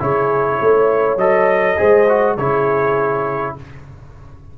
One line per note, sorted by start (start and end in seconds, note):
0.00 0.60 C#3
0.00 1.19 E4
0.00 0.61 G#4
0.00 1.18 C#5
0.61 1.16 A3
0.61 1.78 C#5
1.16 1.76 F#3
1.16 1.77 A4
1.16 2.37 D#5
1.77 2.37 G#3
1.77 2.07 G#4
1.77 2.37 C5
2.09 2.38 F#4
2.37 3.56 C#3
2.37 3.58 E4
2.37 3.55 G#4
2.37 3.56 C#5